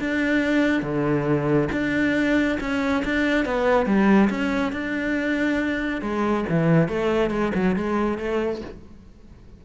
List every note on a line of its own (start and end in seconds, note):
0.00 0.83 D4
0.83 1.69 D3
1.72 2.59 D4
2.61 3.04 C#4
3.05 3.46 D4
3.46 3.87 B3
3.87 4.30 G3
4.30 4.73 C#4
4.73 6.02 D4
6.02 6.45 G#3
6.50 6.89 E3
6.89 7.31 A3
7.31 7.52 G#3
7.55 7.76 F#3
7.76 8.18 G#3
8.18 8.62 A3